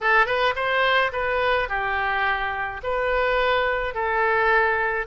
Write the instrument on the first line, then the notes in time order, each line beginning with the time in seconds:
oboe
0.01 A4
0.25 B4
0.55 C5
1.12 B4
1.68 G4
2.83 B4
3.94 A4